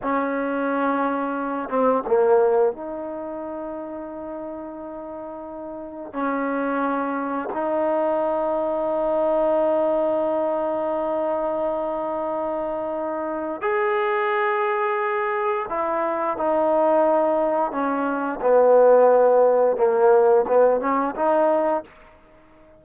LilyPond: \new Staff \with { instrumentName = "trombone" } { \time 4/4 \tempo 4 = 88 cis'2~ cis'8 c'8 ais4 | dis'1~ | dis'4 cis'2 dis'4~ | dis'1~ |
dis'1 | gis'2. e'4 | dis'2 cis'4 b4~ | b4 ais4 b8 cis'8 dis'4 | }